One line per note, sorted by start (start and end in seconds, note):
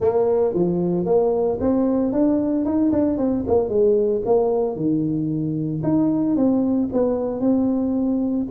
0.00 0.53 A#3
0.53 1.05 F3
1.05 1.58 A#3
1.60 2.12 C4
2.12 2.65 D4
2.65 2.91 D#4
2.92 3.17 D4
3.17 3.44 C4
3.47 3.69 A#3
3.69 4.22 G#3
4.25 4.75 A#3
4.75 5.82 D#3
5.83 6.36 D#4
6.36 6.89 C4
6.92 7.40 B3
7.40 8.46 C4